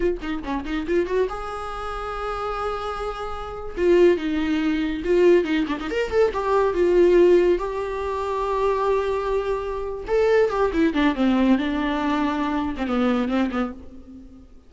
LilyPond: \new Staff \with { instrumentName = "viola" } { \time 4/4 \tempo 4 = 140 f'8 dis'8 cis'8 dis'8 f'8 fis'8 gis'4~ | gis'1~ | gis'8. f'4 dis'2 f'16~ | f'8. dis'8 d'16 dis'16 ais'8 a'8 g'4 f'16~ |
f'4.~ f'16 g'2~ g'16~ | g'2.~ g'8 a'8~ | a'8 g'8 e'8 d'8 c'4 d'4~ | d'4.~ d'16 c'16 b4 c'8 b8 | }